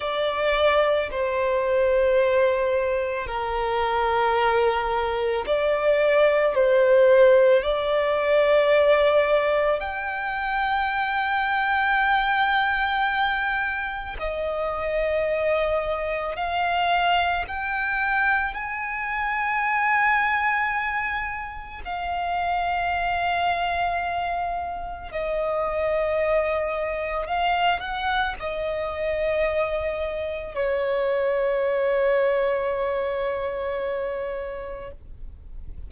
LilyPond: \new Staff \with { instrumentName = "violin" } { \time 4/4 \tempo 4 = 55 d''4 c''2 ais'4~ | ais'4 d''4 c''4 d''4~ | d''4 g''2.~ | g''4 dis''2 f''4 |
g''4 gis''2. | f''2. dis''4~ | dis''4 f''8 fis''8 dis''2 | cis''1 | }